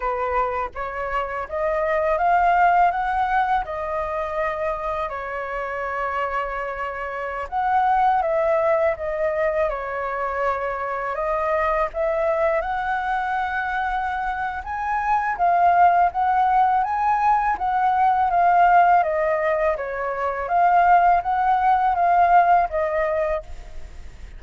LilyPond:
\new Staff \with { instrumentName = "flute" } { \time 4/4 \tempo 4 = 82 b'4 cis''4 dis''4 f''4 | fis''4 dis''2 cis''4~ | cis''2~ cis''16 fis''4 e''8.~ | e''16 dis''4 cis''2 dis''8.~ |
dis''16 e''4 fis''2~ fis''8. | gis''4 f''4 fis''4 gis''4 | fis''4 f''4 dis''4 cis''4 | f''4 fis''4 f''4 dis''4 | }